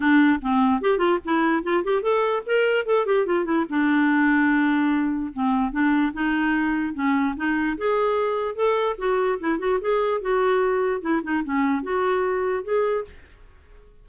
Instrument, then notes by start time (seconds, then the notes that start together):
clarinet
0.00 D4
0.41 C4
0.81 G4
0.98 F4
1.24 E4
1.63 F4
1.84 G4
2.02 A4
2.45 A#4
2.85 A4
3.05 G4
3.26 F4
3.44 E4
3.69 D4
5.33 C4
5.71 D4
6.13 D#4
6.94 C#4
7.36 D#4
7.77 G#4
8.55 A4
8.98 F#4
9.39 E4
9.58 F#4
9.81 G#4
10.21 F#4
11.01 E4
11.23 D#4
11.43 C#4
11.82 F#4
12.64 G#4